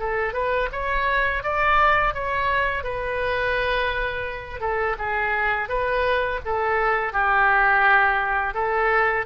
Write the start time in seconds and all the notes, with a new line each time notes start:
0.00 A4
0.33 B4
0.72 C#5
1.44 D5
2.15 C#5
2.84 B4
4.61 A4
4.99 G#4
5.69 B4
6.45 A4
7.13 G4
8.55 A4